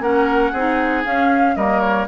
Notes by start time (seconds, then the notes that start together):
0.00 A#3 C#4 A#4 F#5
0.52 C4 D#4 G#4
1.05 C#4 F5
1.56 G3 A#3 A#4 D#5
1.80 C#5